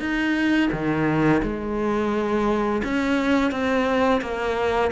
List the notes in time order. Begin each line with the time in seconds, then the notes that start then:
0.00 D#4
0.72 D#3
1.43 G#3
2.84 C#4
3.51 C4
4.21 A#3